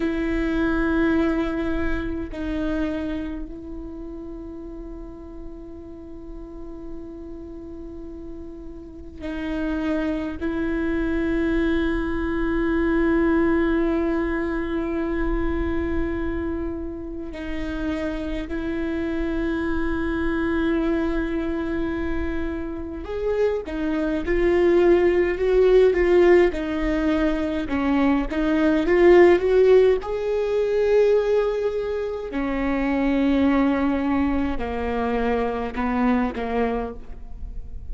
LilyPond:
\new Staff \with { instrumentName = "viola" } { \time 4/4 \tempo 4 = 52 e'2 dis'4 e'4~ | e'1 | dis'4 e'2.~ | e'2. dis'4 |
e'1 | gis'8 dis'8 f'4 fis'8 f'8 dis'4 | cis'8 dis'8 f'8 fis'8 gis'2 | cis'2 ais4 b8 ais8 | }